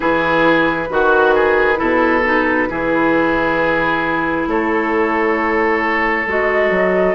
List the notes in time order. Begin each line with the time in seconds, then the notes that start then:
0.00 E3 E4 G#4 B4
0.89 D#3 F#4
1.35 G#4
1.75 B2 E4 A4
2.24 D#4
2.68 E3 E4 G#4
4.47 A3 A4 C#5
6.26 G#3 F#4 D#5
6.70 F#3